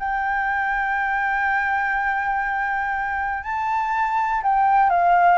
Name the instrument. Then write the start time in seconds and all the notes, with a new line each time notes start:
flute
0.00 G5
3.44 A5
4.43 G5
4.90 F5